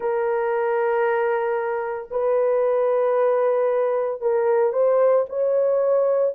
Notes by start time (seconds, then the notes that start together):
0.00 A#4
2.11 B4
4.21 A#4
4.72 C5
5.29 C#5